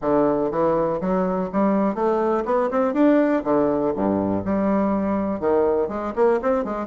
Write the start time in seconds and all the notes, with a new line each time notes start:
0.01 D3
0.51 E3
1.00 F#3
1.52 G3
1.94 A3
2.45 B3
2.70 C4
2.93 D4
3.44 D3
3.95 G2
4.44 G3
5.40 D#3
5.88 G#3
6.15 A#3
6.42 C4
6.64 G#3